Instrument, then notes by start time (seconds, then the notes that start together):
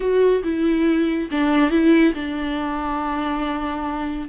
viola
0.00 F#4
0.43 E4
1.31 D4
1.70 E4
2.14 D4